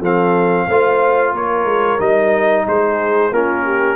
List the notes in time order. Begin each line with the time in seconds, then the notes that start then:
0.00 F3 C4 A4 F5
0.67 A3 F4 C5
1.32 A#3 A#4 C#5
1.65 G#3
2.00 G3 D#4 D#5
2.67 G#3 G#4 C5
3.32 A#3 C#4 F4 A#4
3.65 G4